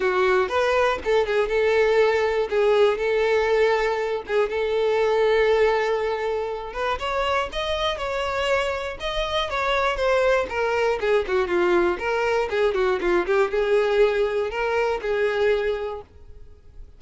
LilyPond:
\new Staff \with { instrumentName = "violin" } { \time 4/4 \tempo 4 = 120 fis'4 b'4 a'8 gis'8 a'4~ | a'4 gis'4 a'2~ | a'8 gis'8 a'2.~ | a'4. b'8 cis''4 dis''4 |
cis''2 dis''4 cis''4 | c''4 ais'4 gis'8 fis'8 f'4 | ais'4 gis'8 fis'8 f'8 g'8 gis'4~ | gis'4 ais'4 gis'2 | }